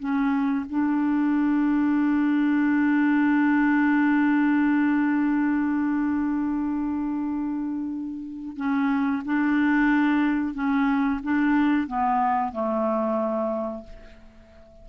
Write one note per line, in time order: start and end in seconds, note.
0.00 0.66 C#4
0.70 8.57 D4
8.57 9.23 C#4
9.25 10.55 D4
10.55 11.21 C#4
11.24 11.88 D4
11.88 12.52 B3
12.52 13.84 A3